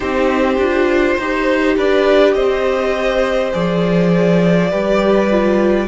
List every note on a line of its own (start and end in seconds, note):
0.00 0.57 C4
0.00 0.58 D#4
0.00 1.16 G4
0.00 1.76 C5
0.57 1.16 D4
0.57 1.21 F4
1.16 1.76 D#4
1.16 3.52 G4
1.16 1.75 C5
1.76 2.34 D4
1.76 2.35 B4
1.76 2.33 D5
2.33 3.52 C4
2.33 4.70 C5
2.33 3.51 D#5
3.52 4.72 F3
3.52 4.70 G#4
3.52 5.88 D5
4.70 5.88 G3
4.70 5.29 G4
4.70 5.87 B4
5.29 5.88 F4